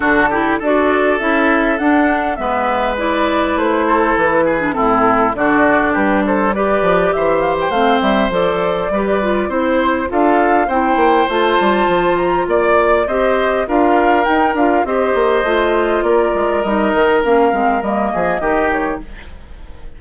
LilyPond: <<
  \new Staff \with { instrumentName = "flute" } { \time 4/4 \tempo 4 = 101 a'4 d''4 e''4 fis''4 | e''4 d''4 c''4 b'4 | a'4 d''4 b'8 c''8 d''4 | e''8 f''16 g''16 f''8 e''8 d''2 |
c''4 f''4 g''4 a''4~ | a''8 ais''8 d''4 dis''4 f''4 | g''8 f''8 dis''2 d''4 | dis''4 f''4 dis''4. cis''8 | }
  \new Staff \with { instrumentName = "oboe" } { \time 4/4 fis'8 g'8 a'2. | b'2~ b'8 a'4 gis'8 | e'4 fis'4 g'8 a'8 b'4 | c''2. b'4 |
c''4 a'4 c''2~ | c''4 d''4 c''4 ais'4~ | ais'4 c''2 ais'4~ | ais'2~ ais'8 gis'8 g'4 | }
  \new Staff \with { instrumentName = "clarinet" } { \time 4/4 d'8 e'8 fis'4 e'4 d'4 | b4 e'2~ e'8. d'16 | c'4 d'2 g'4~ | g'4 c'4 a'4 g'8 f'8 |
e'4 f'4 e'4 f'4~ | f'2 g'4 f'4 | dis'8 f'8 g'4 f'2 | dis'4 cis'8 c'8 ais4 dis'4 | }
  \new Staff \with { instrumentName = "bassoon" } { \time 4/4 d4 d'4 cis'4 d'4 | gis2 a4 e4 | a,4 d4 g4. f8 | e4 a8 g8 f4 g4 |
c'4 d'4 c'8 ais8 a8 g8 | f4 ais4 c'4 d'4 | dis'8 d'8 c'8 ais8 a4 ais8 gis8 | g8 dis8 ais8 gis8 g8 f8 dis4 | }
>>